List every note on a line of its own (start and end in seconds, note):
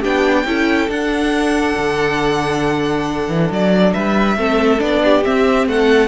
0.00 0.45 B3
0.00 0.46 D4
0.00 0.43 G4
0.00 0.90 G5
0.45 0.88 C#4
0.45 0.89 E4
0.45 3.93 A4
0.88 1.75 D4
0.88 4.37 D4
0.88 3.51 F#5
1.77 3.28 D3
3.28 3.50 E3
3.51 3.94 F#3
3.51 3.93 D5
3.93 4.37 G3
3.93 4.37 B4
3.93 4.80 E5
4.37 4.80 A3
4.37 4.79 C4
4.37 5.02 A4
4.79 5.24 B3
4.79 5.22 D4
4.79 5.23 D5
5.04 5.69 G4
5.23 6.08 C4
5.23 5.66 C4
5.23 5.68 E5
5.66 6.08 A3
5.66 6.08 A4
5.66 6.08 F#5